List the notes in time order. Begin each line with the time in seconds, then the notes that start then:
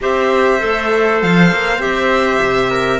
0.01 C4 G4 C5 E5
0.58 A3 A4
1.22 F3 F5
1.52 A#3
1.78 C4 G4 E5
2.42 C3
2.70 A#4